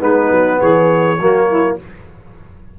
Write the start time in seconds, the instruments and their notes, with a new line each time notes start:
0.00 tuba G#3, trombone B3, saxophone D#4, trumpet B4
0.31 tuba F#3
0.61 tuba E3, saxophone G#4, trumpet C#5
1.19 tuba F#3, trombone A#3, saxophone F#4
1.49 saxophone E4